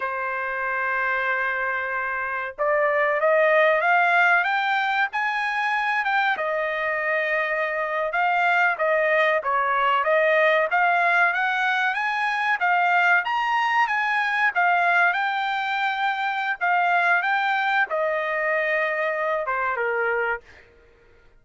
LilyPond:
\new Staff \with { instrumentName = "trumpet" } { \time 4/4 \tempo 4 = 94 c''1 | d''4 dis''4 f''4 g''4 | gis''4. g''8 dis''2~ | dis''8. f''4 dis''4 cis''4 dis''16~ |
dis''8. f''4 fis''4 gis''4 f''16~ | f''8. ais''4 gis''4 f''4 g''16~ | g''2 f''4 g''4 | dis''2~ dis''8 c''8 ais'4 | }